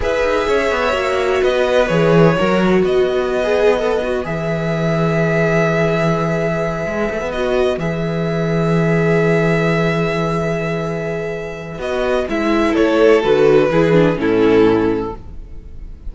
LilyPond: <<
  \new Staff \with { instrumentName = "violin" } { \time 4/4 \tempo 4 = 127 e''2. dis''4 | cis''2 dis''2~ | dis''4 e''2.~ | e''2.~ e''8 dis''8~ |
dis''8 e''2.~ e''8~ | e''1~ | e''4 dis''4 e''4 cis''4 | b'2 a'2 | }
  \new Staff \with { instrumentName = "violin" } { \time 4/4 b'4 cis''2 b'4~ | b'4 ais'4 b'2~ | b'1~ | b'1~ |
b'1~ | b'1~ | b'2. a'4~ | a'4 gis'4 e'2 | }
  \new Staff \with { instrumentName = "viola" } { \time 4/4 gis'2 fis'2 | gis'4 fis'2~ fis'16 gis'8. | a'8 fis'8 gis'2.~ | gis'2.~ gis'8 fis'8~ |
fis'8 gis'2.~ gis'8~ | gis'1~ | gis'4 fis'4 e'2 | fis'4 e'8 d'8 cis'2 | }
  \new Staff \with { instrumentName = "cello" } { \time 4/4 e'8 dis'8 cis'8 b8 ais4 b4 | e4 fis4 b2~ | b4 e2.~ | e2~ e8 gis8 a16 b8.~ |
b8 e2.~ e8~ | e1~ | e4 b4 gis4 a4 | d4 e4 a,2 | }
>>